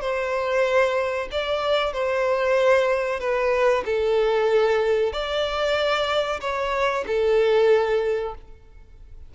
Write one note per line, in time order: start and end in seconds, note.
0.00 1.28 C5
1.31 1.92 D5
1.92 3.19 C5
3.19 3.83 B4
3.85 5.12 A4
5.12 6.40 D5
6.40 7.04 C#5
7.07 8.34 A4